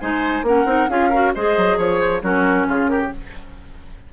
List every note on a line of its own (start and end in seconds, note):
0.00 0.42 G#3
0.00 0.45 D#4
0.00 0.45 C5
0.00 0.44 G#5
0.42 0.65 A#3
0.42 0.66 C#4
0.42 0.90 A#4
0.42 0.89 F#5
0.65 0.88 C4
0.65 0.88 D#4
0.89 1.33 C#4
0.89 1.12 F4
0.89 1.09 G#4
0.89 1.34 F5
1.09 1.35 F#4
1.09 1.31 A#4
1.35 1.57 G#3
1.35 2.22 G#4
1.35 1.78 C5
1.35 1.79 D#5
1.57 1.77 F#3
1.77 2.22 F3
1.77 2.22 C#5
1.77 2.00 C#5
2.00 2.22 C5
2.22 2.67 F#3
2.22 3.10 C#4
2.22 2.67 F#4
2.22 2.68 A#4
2.68 3.13 C#3
2.68 2.90 F4
2.68 2.87 G#4
2.87 3.12 G4
2.87 3.09 A#4